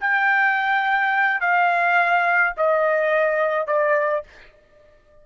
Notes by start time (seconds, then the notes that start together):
0.00 G5
1.40 F5
2.57 D#5
3.67 D5